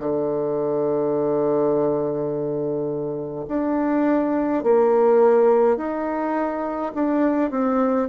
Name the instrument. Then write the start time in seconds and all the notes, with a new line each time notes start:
bassoon
0.00 D3
3.48 D4
4.64 A#3
5.77 D#4
6.95 D4
7.51 C4